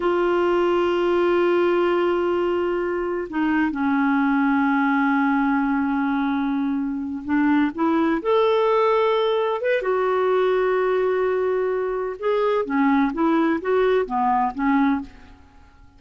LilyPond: \new Staff \with { instrumentName = "clarinet" } { \time 4/4 \tempo 4 = 128 f'1~ | f'2. dis'4 | cis'1~ | cis'2.~ cis'8 d'8~ |
d'8 e'4 a'2~ a'8~ | a'8 b'8 fis'2.~ | fis'2 gis'4 cis'4 | e'4 fis'4 b4 cis'4 | }